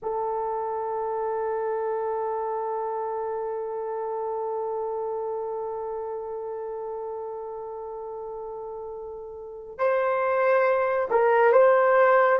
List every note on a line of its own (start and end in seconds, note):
0.02 9.78 A4
9.78 11.08 C5
11.10 11.52 A#4
11.52 12.39 C5